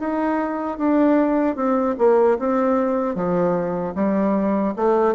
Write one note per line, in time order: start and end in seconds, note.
0.00 0.78 D#4
0.78 1.56 D4
1.56 1.96 C4
1.99 2.38 A#3
2.40 3.15 C4
3.15 3.94 F3
3.96 4.75 G3
4.77 5.15 A3